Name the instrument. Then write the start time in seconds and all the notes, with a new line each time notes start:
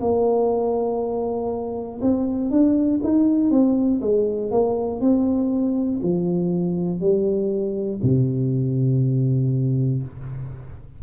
tuba
0.00 A#3
2.01 C4
2.50 D4
3.03 D#4
3.50 C4
4.01 G#3
4.51 A#3
5.00 C4
6.02 F3
7.00 G3
8.02 C3